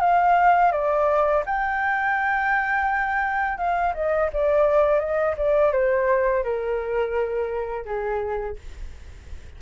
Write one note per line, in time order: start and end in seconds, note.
0.00 0.71 F5
0.72 1.43 D5
1.46 3.57 G5
3.57 3.93 F5
3.94 4.30 D#5
4.33 4.99 D5
4.99 5.35 D#5
5.37 5.72 D5
5.72 6.44 C5
6.44 7.85 A#4
7.85 8.56 G#4